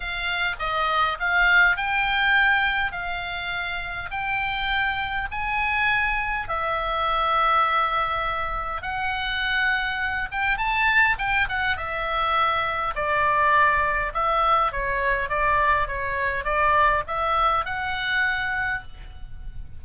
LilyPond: \new Staff \with { instrumentName = "oboe" } { \time 4/4 \tempo 4 = 102 f''4 dis''4 f''4 g''4~ | g''4 f''2 g''4~ | g''4 gis''2 e''4~ | e''2. fis''4~ |
fis''4. g''8 a''4 g''8 fis''8 | e''2 d''2 | e''4 cis''4 d''4 cis''4 | d''4 e''4 fis''2 | }